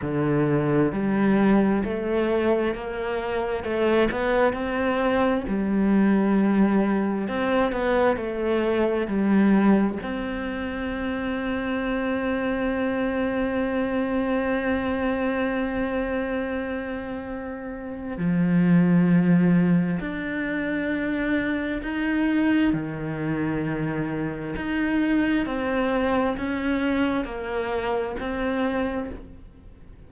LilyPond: \new Staff \with { instrumentName = "cello" } { \time 4/4 \tempo 4 = 66 d4 g4 a4 ais4 | a8 b8 c'4 g2 | c'8 b8 a4 g4 c'4~ | c'1~ |
c'1 | f2 d'2 | dis'4 dis2 dis'4 | c'4 cis'4 ais4 c'4 | }